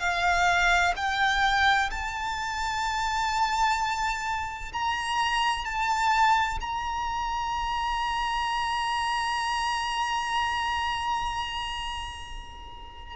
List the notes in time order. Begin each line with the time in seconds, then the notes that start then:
0.00 F5
0.96 G5
1.91 A5
4.73 A#5
5.65 A5
6.61 A#5